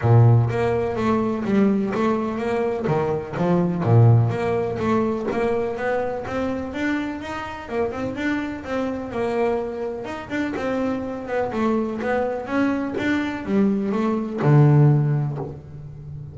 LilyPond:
\new Staff \with { instrumentName = "double bass" } { \time 4/4 \tempo 4 = 125 ais,4 ais4 a4 g4 | a4 ais4 dis4 f4 | ais,4 ais4 a4 ais4 | b4 c'4 d'4 dis'4 |
ais8 c'8 d'4 c'4 ais4~ | ais4 dis'8 d'8 c'4. b8 | a4 b4 cis'4 d'4 | g4 a4 d2 | }